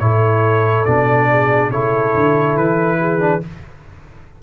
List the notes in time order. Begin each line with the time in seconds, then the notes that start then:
0.00 A2 E4 A4 C#5
0.85 B2 D4 D5
1.31 G#4
1.71 C#3 E4 A4 C#5
2.15 D3
2.57 E3 B4
3.00 G#4
3.20 D4